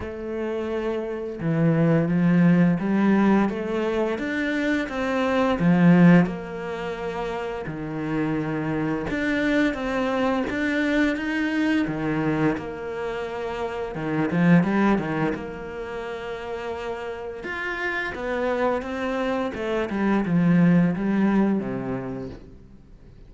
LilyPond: \new Staff \with { instrumentName = "cello" } { \time 4/4 \tempo 4 = 86 a2 e4 f4 | g4 a4 d'4 c'4 | f4 ais2 dis4~ | dis4 d'4 c'4 d'4 |
dis'4 dis4 ais2 | dis8 f8 g8 dis8 ais2~ | ais4 f'4 b4 c'4 | a8 g8 f4 g4 c4 | }